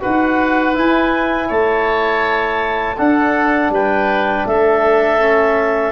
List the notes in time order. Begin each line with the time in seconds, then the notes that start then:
0.00 D#4 F#4 B4 F#5
0.74 E4 G#5
1.48 A3 C#5 A5
2.97 D4 A4 F#5
3.69 G3 B4 G5
4.46 A3 A4 E5
5.19 C#4